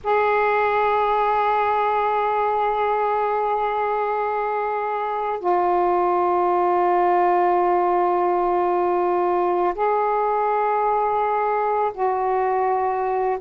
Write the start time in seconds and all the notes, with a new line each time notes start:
0.03 G#4
5.40 F4
9.75 G#4
11.93 F#4